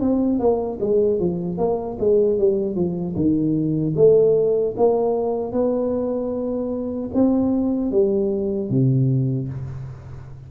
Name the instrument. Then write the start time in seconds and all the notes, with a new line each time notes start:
tuba
0.00 C4
0.39 A#3
0.80 G#3
1.19 F3
1.58 A#3
1.99 G#3
2.38 G3
2.75 F3
3.15 D#3
3.96 A3
4.77 A#3
5.52 B3
7.14 C4
7.91 G3
8.69 C3